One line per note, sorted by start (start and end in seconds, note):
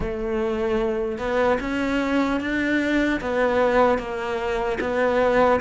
0.00 1.18 A3
1.18 1.58 B3
1.60 2.40 C#4
2.40 3.20 D4
3.20 3.98 B3
3.98 4.78 A#3
4.80 5.60 B3